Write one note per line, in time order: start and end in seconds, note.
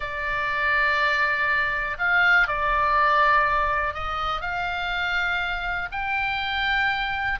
0.00 1.97 D5
1.98 2.47 F5
2.47 3.93 D5
3.93 4.41 D#5
4.41 5.89 F5
5.91 7.39 G5